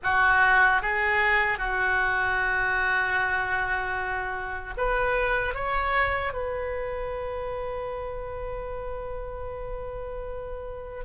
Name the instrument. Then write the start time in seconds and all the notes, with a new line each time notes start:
oboe
0.03 F#4
0.81 G#4
1.58 F#4
4.77 B4
5.54 C#5
6.33 B4